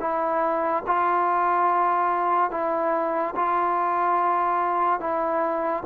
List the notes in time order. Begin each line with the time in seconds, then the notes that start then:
0.00 E4
0.87 F4
2.51 E4
3.36 F4
5.00 E4